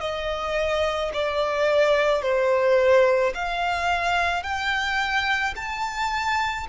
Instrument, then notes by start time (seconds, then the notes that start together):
violin
0.00 D#5
1.13 D5
2.22 C5
3.35 F5
4.43 G5
5.56 A5